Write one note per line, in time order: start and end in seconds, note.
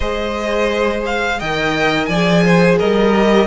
0.00 1.40 G#3
0.00 1.41 G#4
0.00 1.38 C5
0.00 1.04 D#5
1.05 1.40 F5
1.38 2.08 D#3
1.38 2.13 A#4
1.38 2.08 D#5
1.38 2.05 G5
2.05 2.78 F3
2.05 2.43 D5
2.05 2.75 G#5
2.13 3.14 G#4
2.45 2.78 C5
2.78 3.46 G3
2.78 3.46 A#4
2.78 3.46 D#5
3.14 3.46 G4